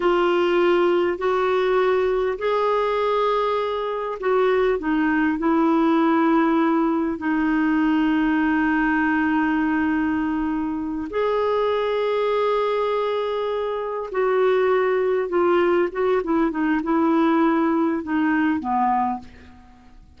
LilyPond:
\new Staff \with { instrumentName = "clarinet" } { \time 4/4 \tempo 4 = 100 f'2 fis'2 | gis'2. fis'4 | dis'4 e'2. | dis'1~ |
dis'2~ dis'8 gis'4.~ | gis'2.~ gis'8 fis'8~ | fis'4. f'4 fis'8 e'8 dis'8 | e'2 dis'4 b4 | }